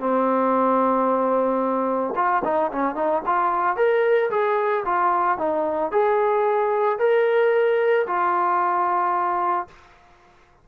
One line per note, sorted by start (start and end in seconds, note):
0.00 2.14 C4
2.16 2.43 F4
2.45 2.72 D#4
2.72 2.95 C#4
2.95 3.22 D#4
3.26 3.76 F4
3.76 4.30 A#4
4.31 4.84 G#4
4.86 5.38 F4
5.38 5.92 D#4
5.92 6.99 G#4
6.99 8.06 A#4
8.07 9.68 F4